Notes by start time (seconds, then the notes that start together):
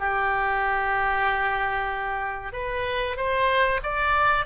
0.00 G4
2.53 B4
3.17 C5
3.83 D5